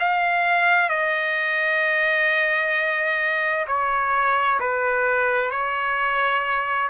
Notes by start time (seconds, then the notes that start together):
0.00 F5
0.89 D#5
3.68 C#5
4.60 B4
5.51 C#5